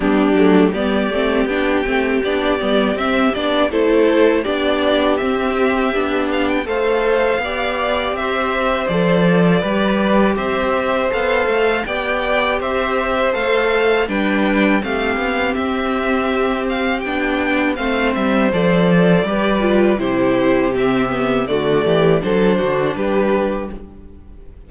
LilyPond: <<
  \new Staff \with { instrumentName = "violin" } { \time 4/4 \tempo 4 = 81 g'4 d''4 g''4 d''4 | e''8 d''8 c''4 d''4 e''4~ | e''8 f''16 g''16 f''2 e''4 | d''2 e''4 f''4 |
g''4 e''4 f''4 g''4 | f''4 e''4. f''8 g''4 | f''8 e''8 d''2 c''4 | e''4 d''4 c''4 b'4 | }
  \new Staff \with { instrumentName = "violin" } { \time 4/4 d'4 g'2.~ | g'4 a'4 g'2~ | g'4 c''4 d''4 c''4~ | c''4 b'4 c''2 |
d''4 c''2 b'4 | g'1 | c''2 b'4 g'4~ | g'4 fis'8 g'8 a'8 fis'8 g'4 | }
  \new Staff \with { instrumentName = "viola" } { \time 4/4 b8 a8 b8 c'8 d'8 c'8 d'8 b8 | c'8 d'8 e'4 d'4 c'4 | d'4 a'4 g'2 | a'4 g'2 a'4 |
g'2 a'4 d'4 | c'2. d'4 | c'4 a'4 g'8 f'8 e'4 | c'8 b8 a4 d'2 | }
  \new Staff \with { instrumentName = "cello" } { \time 4/4 g8 fis8 g8 a8 b8 a8 b8 g8 | c'8 b8 a4 b4 c'4 | b4 a4 b4 c'4 | f4 g4 c'4 b8 a8 |
b4 c'4 a4 g4 | a8 b8 c'2 b4 | a8 g8 f4 g4 c4~ | c4 d8 e8 fis8 d8 g4 | }
>>